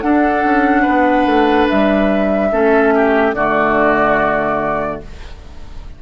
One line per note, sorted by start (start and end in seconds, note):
0.00 2.51 D4
0.00 0.44 D4
0.00 0.82 A4
0.00 1.67 F#5
0.44 0.85 C#4
0.82 1.26 B3
0.82 2.48 B4
1.26 1.67 A3
1.69 2.51 G3
1.69 3.33 E5
2.51 3.34 A3
2.51 3.35 C#4
2.51 2.93 A4
2.95 3.35 G4
3.33 5.00 D3
3.33 5.02 A3
3.33 5.02 F#4
3.33 5.00 D5